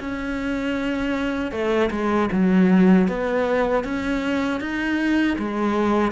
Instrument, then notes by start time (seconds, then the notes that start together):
cello
0.00 C#4
1.51 A3
1.91 G#3
2.32 F#3
3.08 B3
3.84 C#4
4.60 D#4
5.38 G#3